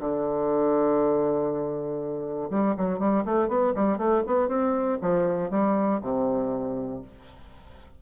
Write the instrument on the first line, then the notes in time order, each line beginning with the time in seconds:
bassoon
0.00 D3
2.50 G3
2.77 F#3
2.99 G3
3.25 A3
3.48 B3
3.75 G3
3.98 A3
4.27 B3
4.48 C4
5.02 F3
5.50 G3
6.02 C3